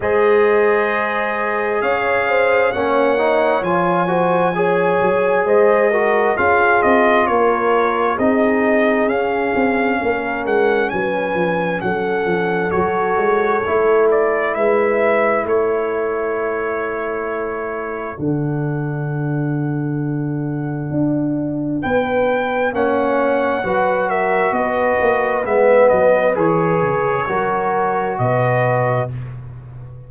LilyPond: <<
  \new Staff \with { instrumentName = "trumpet" } { \time 4/4 \tempo 4 = 66 dis''2 f''4 fis''4 | gis''2 dis''4 f''8 dis''8 | cis''4 dis''4 f''4. fis''8 | gis''4 fis''4 cis''4. d''8 |
e''4 cis''2. | fis''1 | g''4 fis''4. e''8 dis''4 | e''8 dis''8 cis''2 dis''4 | }
  \new Staff \with { instrumentName = "horn" } { \time 4/4 c''2 cis''8 c''8 cis''4~ | cis''8 c''8 cis''4 c''8 ais'8 gis'4 | ais'4 gis'2 ais'4 | b'4 a'2. |
b'4 a'2.~ | a'1 | b'4 cis''4 b'8 ais'8 b'4~ | b'2 ais'4 b'4 | }
  \new Staff \with { instrumentName = "trombone" } { \time 4/4 gis'2. cis'8 dis'8 | f'8 fis'8 gis'4. fis'8 f'4~ | f'4 dis'4 cis'2~ | cis'2 fis'4 e'4~ |
e'1 | d'1~ | d'4 cis'4 fis'2 | b4 gis'4 fis'2 | }
  \new Staff \with { instrumentName = "tuba" } { \time 4/4 gis2 cis'4 ais4 | f4. fis8 gis4 cis'8 c'8 | ais4 c'4 cis'8 c'8 ais8 gis8 | fis8 f8 fis8 f8 fis8 gis8 a4 |
gis4 a2. | d2. d'4 | b4 ais4 fis4 b8 ais8 | gis8 fis8 e8 cis8 fis4 b,4 | }
>>